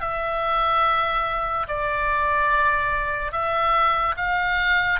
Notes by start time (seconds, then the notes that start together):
0.00 E5
1.67 D5
3.31 E5
4.16 F5